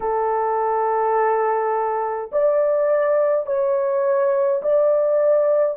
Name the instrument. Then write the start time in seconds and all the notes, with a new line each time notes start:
horn
0.00 A4
2.31 D5
3.46 C#5
4.62 D5